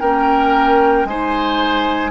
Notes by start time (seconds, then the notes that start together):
0.00 A#3 C#4 A#4 G5
1.05 G#3 D#4 C5 G#5